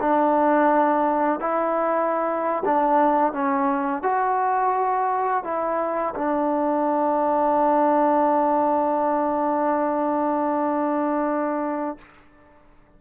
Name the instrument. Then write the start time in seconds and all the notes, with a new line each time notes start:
trombone
0.00 D4
1.40 E4
2.65 D4
3.33 C#4
4.02 F#4
5.44 E4
6.15 D4